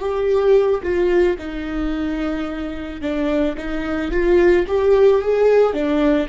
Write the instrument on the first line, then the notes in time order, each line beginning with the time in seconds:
viola
0.00 G4
0.83 F4
1.38 D#4
3.01 D4
3.58 D#4
4.11 F4
4.68 G4
5.22 G#4
5.73 D4